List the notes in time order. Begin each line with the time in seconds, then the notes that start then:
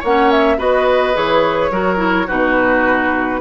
0.00 A#3 C#5 F#5
0.07 C#4
0.32 E5
0.58 B3 F#4 B4 D#5
1.14 E3 G#4 C#5
1.71 F#3 F#4 A#4
1.98 E4
2.27 B2 D#4 F#4 B4